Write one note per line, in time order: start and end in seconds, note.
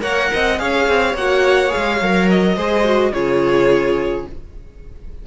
0.00 0.30 A#3
0.00 0.57 A#4
0.00 0.30 C#5
0.00 0.59 F#5
0.33 0.60 C4
0.33 0.61 D#5
0.57 0.88 C#4
0.57 1.14 G#4
0.57 2.55 C#5
0.57 1.15 F5
0.88 1.14 C4
1.14 1.71 A#3
1.14 1.69 F#4
1.14 1.72 F#5
1.69 1.97 G#4
1.69 2.29 F5
1.76 2.01 G#3
2.01 2.56 F#3
2.01 2.58 A#4
2.29 3.13 D#5
2.55 3.12 G#3
2.55 2.84 G#4
2.55 3.12 C5
2.84 3.12 F#4
3.12 4.25 C#3
3.12 4.27 F4
3.12 4.27 G#4
3.12 4.26 C#5